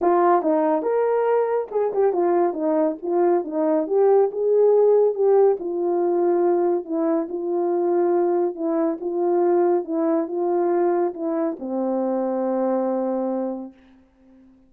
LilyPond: \new Staff \with { instrumentName = "horn" } { \time 4/4 \tempo 4 = 140 f'4 dis'4 ais'2 | gis'8 g'8 f'4 dis'4 f'4 | dis'4 g'4 gis'2 | g'4 f'2. |
e'4 f'2. | e'4 f'2 e'4 | f'2 e'4 c'4~ | c'1 | }